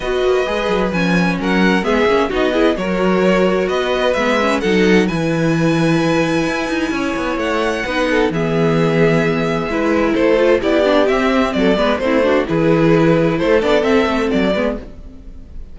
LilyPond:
<<
  \new Staff \with { instrumentName = "violin" } { \time 4/4 \tempo 4 = 130 dis''2 gis''4 fis''4 | e''4 dis''4 cis''2 | dis''4 e''4 fis''4 gis''4~ | gis''1 |
fis''2 e''2~ | e''2 c''4 d''4 | e''4 d''4 c''4 b'4~ | b'4 c''8 d''8 e''4 d''4 | }
  \new Staff \with { instrumentName = "violin" } { \time 4/4 b'2. ais'4 | gis'4 fis'8 gis'8 ais'2 | b'2 a'4 b'4~ | b'2. cis''4~ |
cis''4 b'8 a'8 gis'2~ | gis'4 b'4 a'4 g'4~ | g'4 a'8 b'8 e'8 fis'8 gis'4~ | gis'4 a'2~ a'8 b'8 | }
  \new Staff \with { instrumentName = "viola" } { \time 4/4 fis'4 gis'4 cis'2 | b8 cis'8 dis'8 e'8 fis'2~ | fis'4 b8 cis'8 dis'4 e'4~ | e'1~ |
e'4 dis'4 b2~ | b4 e'4. f'8 e'8 d'8 | c'4. b8 c'8 d'8 e'4~ | e'4. d'8 c'4. b8 | }
  \new Staff \with { instrumentName = "cello" } { \time 4/4 b8 ais8 gis8 fis8 f4 fis4 | gis8 ais8 b4 fis2 | b4 gis4 fis4 e4~ | e2 e'8 dis'8 cis'8 b8 |
a4 b4 e2~ | e4 gis4 a4 b4 | c'4 fis8 gis8 a4 e4~ | e4 a8 b8 c'8 a8 fis8 gis8 | }
>>